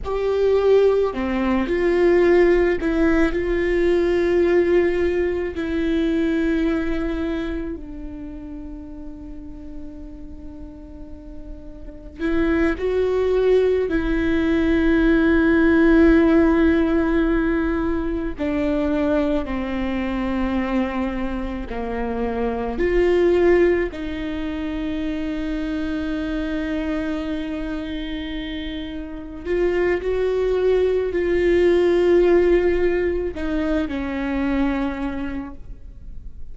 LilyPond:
\new Staff \with { instrumentName = "viola" } { \time 4/4 \tempo 4 = 54 g'4 c'8 f'4 e'8 f'4~ | f'4 e'2 d'4~ | d'2. e'8 fis'8~ | fis'8 e'2.~ e'8~ |
e'8 d'4 c'2 ais8~ | ais8 f'4 dis'2~ dis'8~ | dis'2~ dis'8 f'8 fis'4 | f'2 dis'8 cis'4. | }